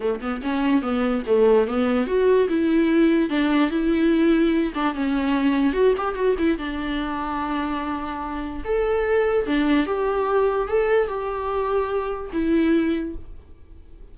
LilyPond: \new Staff \with { instrumentName = "viola" } { \time 4/4 \tempo 4 = 146 a8 b8 cis'4 b4 a4 | b4 fis'4 e'2 | d'4 e'2~ e'8 d'8 | cis'2 fis'8 g'8 fis'8 e'8 |
d'1~ | d'4 a'2 d'4 | g'2 a'4 g'4~ | g'2 e'2 | }